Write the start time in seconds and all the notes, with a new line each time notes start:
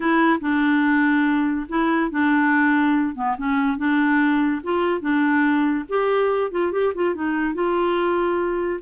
0.00 E4
0.40 D4
1.68 E4
2.10 D4
3.15 B3
3.37 C#4
3.77 D4
4.63 F4
5.00 D4
5.88 G4
6.51 F4
6.72 G4
6.95 F4
7.14 D#4
7.54 F4